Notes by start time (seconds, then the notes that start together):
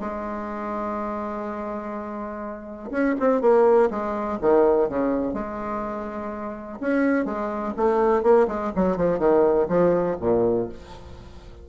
0.00 G#3
2.91 C#4
3.20 C4
3.41 A#3
3.90 G#3
4.41 D#3
4.89 C#3
5.34 G#3
6.80 C#4
7.26 G#3
7.77 A3
8.23 A#3
8.48 G#3
8.76 F#3
8.97 F3
9.19 D#3
9.69 F3
10.21 A#2